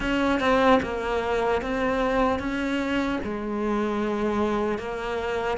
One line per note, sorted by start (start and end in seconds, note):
0.00 0.40 C#4
0.40 0.80 C4
0.82 1.61 A#3
1.61 2.39 C4
2.39 3.19 C#4
3.24 4.78 G#3
4.78 5.57 A#3